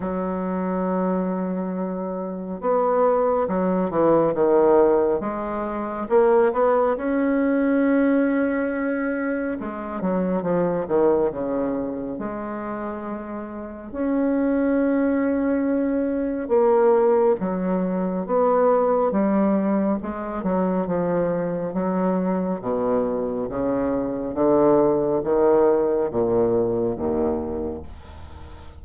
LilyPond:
\new Staff \with { instrumentName = "bassoon" } { \time 4/4 \tempo 4 = 69 fis2. b4 | fis8 e8 dis4 gis4 ais8 b8 | cis'2. gis8 fis8 | f8 dis8 cis4 gis2 |
cis'2. ais4 | fis4 b4 g4 gis8 fis8 | f4 fis4 b,4 cis4 | d4 dis4 ais,4 dis,4 | }